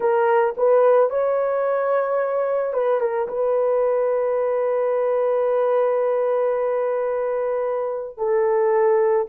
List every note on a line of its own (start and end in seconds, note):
0.00 0.55 A#4
0.57 1.10 B4
1.10 2.73 C#5
2.73 3.00 B4
3.00 3.27 A#4
3.28 8.17 B4
8.17 9.26 A4